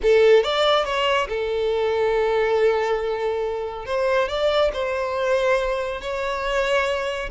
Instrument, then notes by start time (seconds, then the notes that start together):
violin
0.02 A4
0.43 D5
0.85 C#5
1.28 A4
3.85 C5
4.28 D5
4.73 C5
6.01 C#5